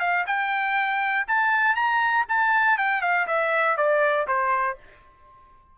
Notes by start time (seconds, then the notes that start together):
0.00 F5
0.27 G5
1.28 A5
1.75 A#5
2.29 A5
2.78 G5
3.02 F5
3.27 E5
3.77 D5
4.28 C5